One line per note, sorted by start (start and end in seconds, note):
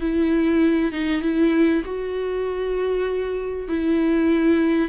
0.00 0.92 E4
0.92 1.21 D#4
1.21 1.83 E4
1.85 3.68 F#4
3.68 4.89 E4